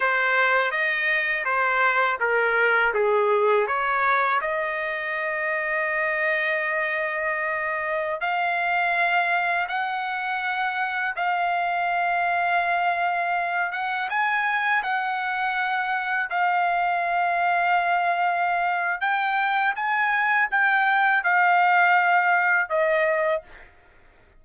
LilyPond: \new Staff \with { instrumentName = "trumpet" } { \time 4/4 \tempo 4 = 82 c''4 dis''4 c''4 ais'4 | gis'4 cis''4 dis''2~ | dis''2.~ dis''16 f''8.~ | f''4~ f''16 fis''2 f''8.~ |
f''2~ f''8. fis''8 gis''8.~ | gis''16 fis''2 f''4.~ f''16~ | f''2 g''4 gis''4 | g''4 f''2 dis''4 | }